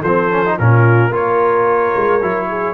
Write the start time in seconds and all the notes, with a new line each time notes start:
0.00 F3 C4 A4 C5
0.31 C#4
0.46 D#4
0.57 A#2 C#4 F4 A#4
1.10 A#3 F4 A#4 C#5
1.96 G#3
2.22 F#3 E4
2.49 G#4